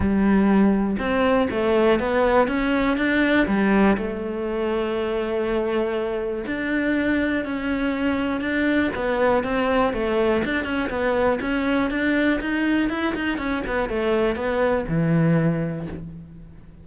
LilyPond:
\new Staff \with { instrumentName = "cello" } { \time 4/4 \tempo 4 = 121 g2 c'4 a4 | b4 cis'4 d'4 g4 | a1~ | a4 d'2 cis'4~ |
cis'4 d'4 b4 c'4 | a4 d'8 cis'8 b4 cis'4 | d'4 dis'4 e'8 dis'8 cis'8 b8 | a4 b4 e2 | }